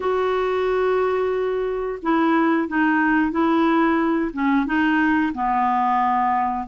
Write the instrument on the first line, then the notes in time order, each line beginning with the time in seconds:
clarinet
0.00 F#4
2.02 E4
2.68 D#4
3.31 E4
4.33 C#4
4.66 D#4
5.34 B3